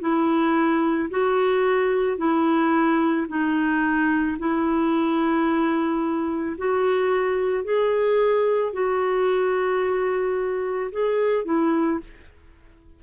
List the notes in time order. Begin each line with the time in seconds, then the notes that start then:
0.00 E4
1.10 F#4
2.17 E4
3.28 D#4
4.38 E4
6.57 F#4
7.64 G#4
8.72 F#4
10.91 G#4
11.44 E4